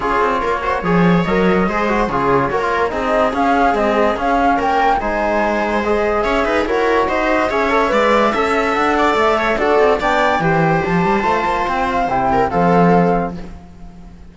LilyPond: <<
  \new Staff \with { instrumentName = "flute" } { \time 4/4 \tempo 4 = 144 cis''2. dis''4~ | dis''4 cis''2 dis''4 | f''4 dis''4 f''4 g''4 | gis''2 dis''4 e''4 |
cis''4 dis''4 e''2~ | e''4 fis''4 e''4 d''4 | g''2 a''2 | g''8 f''8 g''4 f''2 | }
  \new Staff \with { instrumentName = "viola" } { \time 4/4 gis'4 ais'8 c''8 cis''2 | c''4 gis'4 ais'4 gis'4~ | gis'2. ais'4 | c''2. cis''8 b'8 |
ais'4 c''4 cis''4 d''4 | e''4. d''4 cis''8 a'4 | d''4 c''2.~ | c''4. ais'8 a'2 | }
  \new Staff \with { instrumentName = "trombone" } { \time 4/4 f'4. fis'8 gis'4 ais'4 | gis'8 fis'8 f'4 fis'16 f'8. dis'4 | cis'4 gis4 cis'2 | dis'2 gis'2 |
fis'2 gis'8 a'8 b'4 | a'2. fis'4 | d'4 g'2 f'4~ | f'4 e'4 c'2 | }
  \new Staff \with { instrumentName = "cello" } { \time 4/4 cis'8 c'8 ais4 f4 fis4 | gis4 cis4 ais4 c'4 | cis'4 c'4 cis'4 ais4 | gis2. cis'8 dis'8 |
e'4 dis'4 cis'4 gis4 | cis'4 d'4 a4 d'8 c'8 | b4 e4 f8 g8 a8 ais8 | c'4 c4 f2 | }
>>